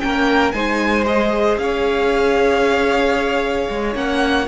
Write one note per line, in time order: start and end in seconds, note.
0.00 0.53 A#3
0.00 0.53 C#4
0.00 0.54 A#4
0.00 0.52 G5
0.52 1.58 G#3
0.52 1.05 D#4
0.52 1.60 C5
0.52 1.05 G#5
1.05 3.94 G#4
1.05 1.58 D#5
1.58 3.69 C#4
1.58 4.48 C#5
1.58 3.95 F5
3.70 3.95 G#3
3.94 4.48 A#3
3.94 4.47 C#4
3.94 4.48 F#5